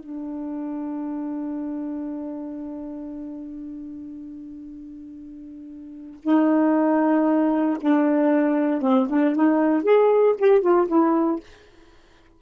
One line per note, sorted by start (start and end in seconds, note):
0.00 6.21 D4
6.23 7.78 D#4
7.81 8.82 D4
8.82 9.08 C4
9.10 9.36 D4
9.36 9.84 D#4
9.84 10.35 G#4
10.38 10.62 G4
10.62 10.87 F4
10.88 11.40 E4